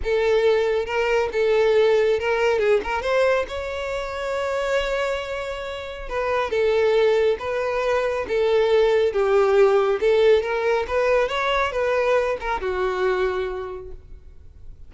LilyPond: \new Staff \with { instrumentName = "violin" } { \time 4/4 \tempo 4 = 138 a'2 ais'4 a'4~ | a'4 ais'4 gis'8 ais'8 c''4 | cis''1~ | cis''2 b'4 a'4~ |
a'4 b'2 a'4~ | a'4 g'2 a'4 | ais'4 b'4 cis''4 b'4~ | b'8 ais'8 fis'2. | }